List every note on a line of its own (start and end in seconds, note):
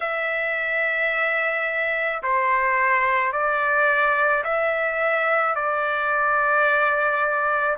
0.00 2.22 E5
2.22 3.32 C5
3.32 4.43 D5
4.43 5.55 E5
5.55 7.77 D5